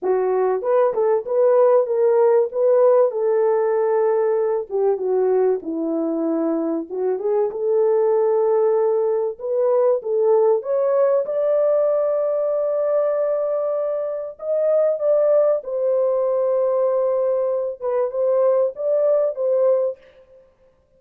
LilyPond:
\new Staff \with { instrumentName = "horn" } { \time 4/4 \tempo 4 = 96 fis'4 b'8 a'8 b'4 ais'4 | b'4 a'2~ a'8 g'8 | fis'4 e'2 fis'8 gis'8 | a'2. b'4 |
a'4 cis''4 d''2~ | d''2. dis''4 | d''4 c''2.~ | c''8 b'8 c''4 d''4 c''4 | }